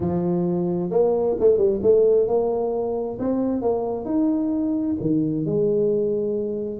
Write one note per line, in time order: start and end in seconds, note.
0.00 0.90 F3
0.90 1.35 A#3
1.39 1.57 A3
1.57 1.80 G3
1.82 2.27 A3
2.27 3.18 A#3
3.19 3.61 C4
3.61 4.05 A#3
4.05 4.96 D#4
5.00 5.45 D#3
5.45 6.80 G#3